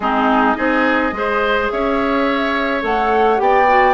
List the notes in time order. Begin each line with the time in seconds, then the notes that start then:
0.00 G#3 C4 D#4 G#4
0.55 C4 D#4 G#4 D#5
1.12 G#3 G#4 C5
1.70 C#4 C#5 E5
2.81 A3 A4 F#5
3.37 B3 G4 D5 G5
3.68 F#4